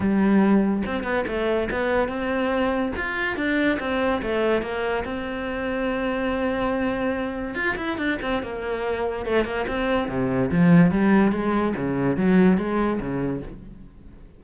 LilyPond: \new Staff \with { instrumentName = "cello" } { \time 4/4 \tempo 4 = 143 g2 c'8 b8 a4 | b4 c'2 f'4 | d'4 c'4 a4 ais4 | c'1~ |
c'2 f'8 e'8 d'8 c'8 | ais2 a8 ais8 c'4 | c4 f4 g4 gis4 | cis4 fis4 gis4 cis4 | }